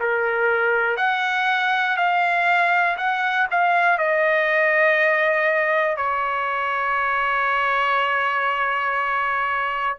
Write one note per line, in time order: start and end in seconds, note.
0.00 0.97 A#4
0.97 1.97 F#5
1.97 2.97 F5
2.98 3.48 F#5
3.51 3.98 F5
3.98 5.97 D#5
5.97 9.97 C#5